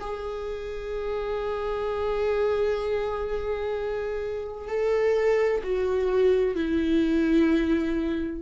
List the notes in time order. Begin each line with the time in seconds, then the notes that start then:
0.00 G#4
4.67 A4
5.63 F#4
6.55 E4